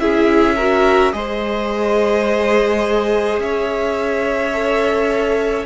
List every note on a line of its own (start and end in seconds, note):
0.00 1.13 C#4
0.00 0.57 E4
0.00 0.56 G#4
0.00 1.13 E5
0.56 1.13 F#4
0.56 1.13 A#4
1.13 3.39 G#3
1.13 4.53 G#4
1.13 3.42 C5
1.13 3.40 D#5
3.39 5.66 C#4
3.39 5.66 C#5
3.39 5.66 E5
4.54 5.66 A4